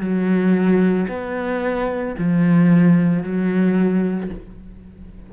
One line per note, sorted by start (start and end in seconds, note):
0.00 1.07 F#3
1.09 2.16 B3
2.19 3.23 F3
3.23 4.30 F#3